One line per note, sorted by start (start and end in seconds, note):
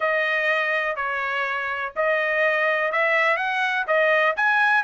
0.00 0.96 D#5
0.96 1.92 C#5
1.96 2.92 D#5
2.92 3.37 E5
3.37 3.85 F#5
3.87 4.35 D#5
4.36 4.83 G#5